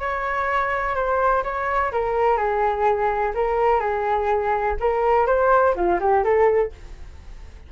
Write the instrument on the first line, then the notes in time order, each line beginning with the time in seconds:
flute
0.00 C#5
0.96 C5
1.44 C#5
1.92 A#4
2.38 G#4
3.35 A#4
3.81 G#4
4.81 A#4
5.27 C5
5.76 F4
6.01 G4
6.24 A4